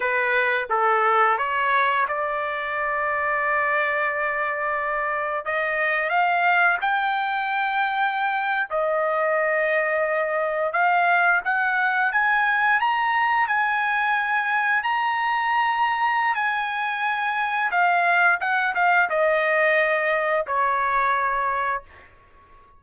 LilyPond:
\new Staff \with { instrumentName = "trumpet" } { \time 4/4 \tempo 4 = 88 b'4 a'4 cis''4 d''4~ | d''1 | dis''4 f''4 g''2~ | g''8. dis''2. f''16~ |
f''8. fis''4 gis''4 ais''4 gis''16~ | gis''4.~ gis''16 ais''2~ ais''16 | gis''2 f''4 fis''8 f''8 | dis''2 cis''2 | }